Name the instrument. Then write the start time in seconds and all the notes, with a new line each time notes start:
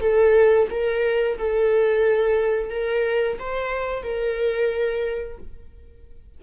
viola
0.00 A4
0.70 A#4
1.38 A4
2.70 A#4
3.39 C5
4.03 A#4